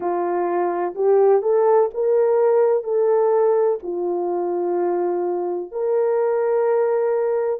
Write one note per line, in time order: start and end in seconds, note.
0.00 0.94 F4
0.94 1.42 G4
1.42 1.89 A4
1.94 2.83 A#4
2.83 3.78 A4
3.82 5.71 F4
5.71 7.60 A#4